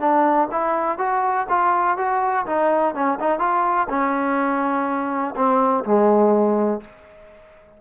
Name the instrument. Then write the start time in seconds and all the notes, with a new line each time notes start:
trombone
0.00 D4
0.52 E4
0.98 F#4
1.49 F4
1.98 F#4
2.46 D#4
2.95 C#4
3.20 D#4
3.39 F4
3.90 C#4
5.36 C4
5.85 G#3